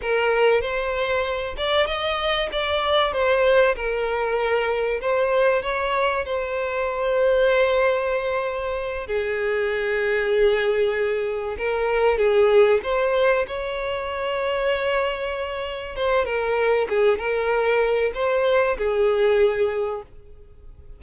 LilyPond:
\new Staff \with { instrumentName = "violin" } { \time 4/4 \tempo 4 = 96 ais'4 c''4. d''8 dis''4 | d''4 c''4 ais'2 | c''4 cis''4 c''2~ | c''2~ c''8 gis'4.~ |
gis'2~ gis'8 ais'4 gis'8~ | gis'8 c''4 cis''2~ cis''8~ | cis''4. c''8 ais'4 gis'8 ais'8~ | ais'4 c''4 gis'2 | }